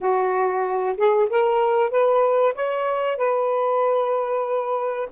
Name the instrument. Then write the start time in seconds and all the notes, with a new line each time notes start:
saxophone
0.00 F#4
0.97 G#4
1.29 A#4
1.90 B4
2.54 C#5
3.17 B4